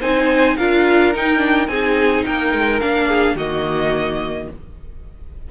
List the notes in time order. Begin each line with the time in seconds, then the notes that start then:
0.00 C4 D#4 C5 G#5
0.56 D4 F4 A#4 F5
1.14 D#4 G5
1.37 D4
1.67 C4 D#4 G#4 G#5
2.25 A#3 A#4 G5
2.53 G#3
2.80 A#3 D4 F5
3.08 G#4
3.35 D#3 A#3 F#4 D#5